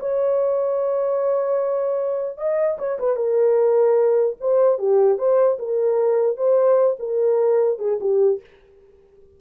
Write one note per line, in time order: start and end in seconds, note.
0.00 2.38 C#5
2.38 2.78 D#5
2.79 2.99 C#5
3.00 3.17 B4
3.17 4.37 A#4
4.41 4.79 C5
4.79 5.18 G4
5.18 5.58 C5
5.59 6.37 A#4
6.37 6.97 C5
7.00 7.79 A#4
7.79 7.99 G#4
8.01 8.41 G4